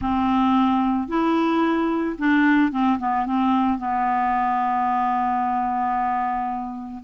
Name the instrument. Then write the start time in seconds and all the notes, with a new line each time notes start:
clarinet
0.01 C4
1.08 E4
2.18 D4
2.71 C4
2.99 B3
3.26 C4
3.78 B3